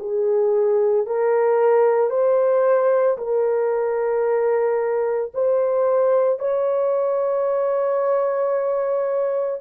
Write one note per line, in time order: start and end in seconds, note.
0.00 1.07 G#4
1.07 2.10 A#4
2.10 3.18 C5
3.18 5.32 A#4
5.34 6.39 C5
6.39 9.61 C#5